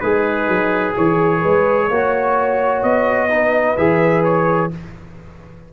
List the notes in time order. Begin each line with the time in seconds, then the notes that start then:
0.00 G#3 D#4 G#4 B4
0.48 F#3
0.96 E3 G#4 C#5
1.40 G#3 B4
1.90 A#3 F#4 C#5
2.83 B3 D#5
3.30 D#4 B4
3.77 E3 G#4 E5
4.24 C#5